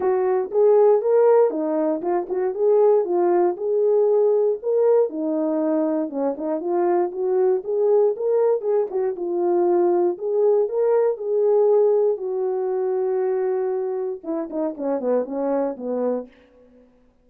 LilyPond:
\new Staff \with { instrumentName = "horn" } { \time 4/4 \tempo 4 = 118 fis'4 gis'4 ais'4 dis'4 | f'8 fis'8 gis'4 f'4 gis'4~ | gis'4 ais'4 dis'2 | cis'8 dis'8 f'4 fis'4 gis'4 |
ais'4 gis'8 fis'8 f'2 | gis'4 ais'4 gis'2 | fis'1 | e'8 dis'8 cis'8 b8 cis'4 b4 | }